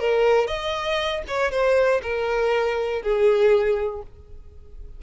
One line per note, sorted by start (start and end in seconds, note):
0.00 0.48 A#4
0.48 1.23 D#5
1.28 1.52 C#5
1.52 2.02 C5
2.03 3.03 A#4
3.03 4.03 G#4